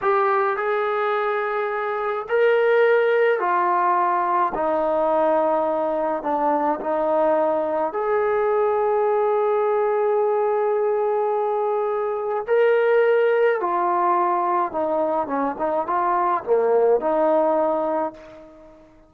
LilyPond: \new Staff \with { instrumentName = "trombone" } { \time 4/4 \tempo 4 = 106 g'4 gis'2. | ais'2 f'2 | dis'2. d'4 | dis'2 gis'2~ |
gis'1~ | gis'2 ais'2 | f'2 dis'4 cis'8 dis'8 | f'4 ais4 dis'2 | }